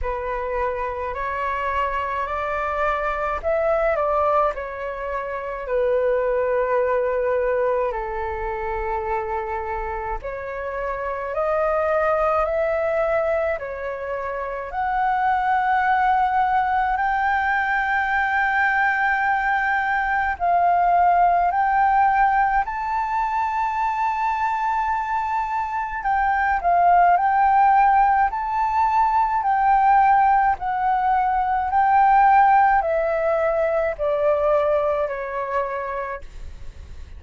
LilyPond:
\new Staff \with { instrumentName = "flute" } { \time 4/4 \tempo 4 = 53 b'4 cis''4 d''4 e''8 d''8 | cis''4 b'2 a'4~ | a'4 cis''4 dis''4 e''4 | cis''4 fis''2 g''4~ |
g''2 f''4 g''4 | a''2. g''8 f''8 | g''4 a''4 g''4 fis''4 | g''4 e''4 d''4 cis''4 | }